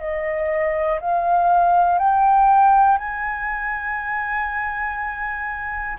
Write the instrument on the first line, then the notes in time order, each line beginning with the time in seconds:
flute
0.00 D#5
1.01 F5
1.99 G5
2.98 G#5